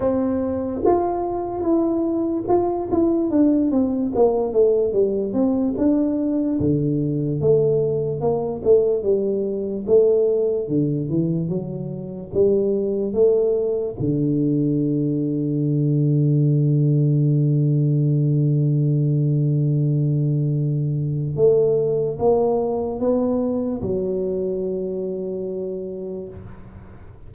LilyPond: \new Staff \with { instrumentName = "tuba" } { \time 4/4 \tempo 4 = 73 c'4 f'4 e'4 f'8 e'8 | d'8 c'8 ais8 a8 g8 c'8 d'4 | d4 a4 ais8 a8 g4 | a4 d8 e8 fis4 g4 |
a4 d2.~ | d1~ | d2 a4 ais4 | b4 fis2. | }